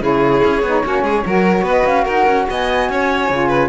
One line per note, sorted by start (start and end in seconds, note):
0.00 0.41 C#3
0.00 0.61 E4
0.00 0.83 G#4
0.00 1.68 C#5
0.44 0.62 C#4
0.62 0.82 B3
0.62 0.84 D#4
0.84 1.02 A#3
0.84 1.25 C#4
0.84 1.04 F#4
1.02 1.22 G#3
1.02 1.24 G#4
1.26 1.62 F#3
1.26 3.30 F#4
1.26 1.63 A#4
1.62 1.82 B3
1.62 2.04 B4
1.69 1.85 D#5
1.85 2.05 C#4
1.85 2.06 F5
2.04 2.26 D#4
2.04 2.45 A#4
2.04 2.47 F#5
2.26 2.47 C#4
2.49 2.89 B3
2.49 2.90 D#5
2.49 3.68 G#5
2.89 3.29 C#4
2.89 3.48 C#5
3.29 3.68 C#3
3.29 3.68 F4
3.48 3.68 B4